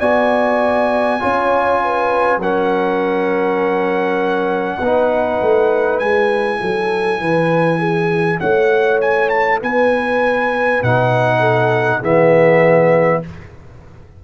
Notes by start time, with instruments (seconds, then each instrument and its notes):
0.00 tuba B3, trombone F#4, horn D5, trumpet G#5
1.20 tuba C#4, trombone F4, horn C#5
1.84 horn B4
2.38 tuba F#3, trombone C#4, horn A#4, trumpet F#5
4.79 tuba B3, trombone D#4, horn B4
5.42 tuba A3
6.00 tuba G#3, trombone E4, trumpet G#5
6.62 tuba F#3, horn A4
7.20 tuba E3, horn B4
7.79 horn G#4
8.40 tuba A3, horn C#5, trumpet F#5
9.01 trumpet G#5
9.29 trumpet A5
9.61 tuba B3, horn B4, trumpet G#5
10.83 tuba B2, trombone D#4, trumpet F#5
11.39 horn A4
11.99 tuba E3, trombone B3, horn G#4, trumpet E5